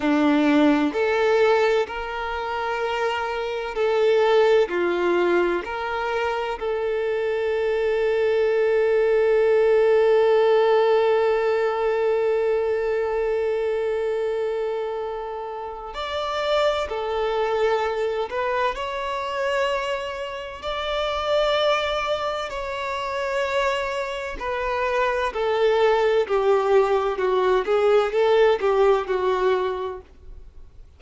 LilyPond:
\new Staff \with { instrumentName = "violin" } { \time 4/4 \tempo 4 = 64 d'4 a'4 ais'2 | a'4 f'4 ais'4 a'4~ | a'1~ | a'1~ |
a'4 d''4 a'4. b'8 | cis''2 d''2 | cis''2 b'4 a'4 | g'4 fis'8 gis'8 a'8 g'8 fis'4 | }